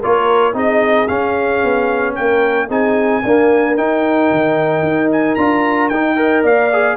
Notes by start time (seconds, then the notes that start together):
0.00 A#3 F4 A#4 C#5
0.53 C4 D#4 G#4 D#5
1.08 C#4 F5
1.64 B3
2.16 A#3 A#4 G5
2.68 C4 D#4 G#4 G#5
3.22 A#3 D4 A#4
3.77 D#4 G5
4.32 D#3
4.83 D#4
5.12 G#5
5.35 D4 F4 A#5
5.89 D#4 G5
6.17 A#4 D#5
6.44 A#3 D5 F5
6.73 G#4